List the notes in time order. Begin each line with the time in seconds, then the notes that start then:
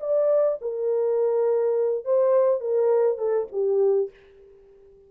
0.00 D5
0.61 A#4
2.05 C5
2.60 A#4
3.18 A4
3.52 G4